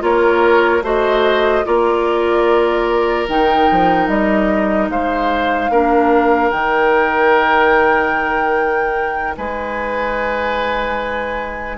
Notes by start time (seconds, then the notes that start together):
0.00 A#3 F4 A#4 C#5
0.82 A3 F#4 C5 D#5
1.65 A#3 F4 A#4 D5
3.28 D#3 D#4 G5
3.71 F3
4.08 G3 D#5
4.89 G#3 C5 F5
5.70 A#3 D4 A#4
6.51 D#3 D#4 G5
9.37 G#3 B4 G#5